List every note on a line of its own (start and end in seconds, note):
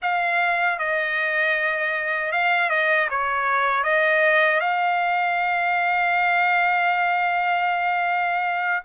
0.02 0.78 F5
0.78 2.31 D#5
2.31 2.69 F5
2.69 3.08 D#5
3.10 3.83 C#5
3.83 4.60 D#5
4.60 8.83 F5